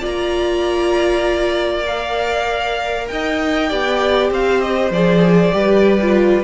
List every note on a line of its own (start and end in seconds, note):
0.00 3.10 A#3
0.00 1.84 F4
0.00 3.06 D5
0.00 1.86 A#5
1.86 3.69 A#4
1.86 3.07 F5
3.07 3.71 D#4
3.07 3.69 D#5
3.07 4.30 G5
3.69 4.30 B3
3.69 4.91 G4
3.69 4.30 D5
4.30 4.90 C4
4.30 5.55 C5
4.30 4.61 F5
4.61 4.91 D#5
4.90 5.51 F3
4.90 5.52 G#4
4.90 6.44 D5
5.52 6.44 G3
5.52 5.98 G4
5.52 6.44 B4
6.01 6.44 F4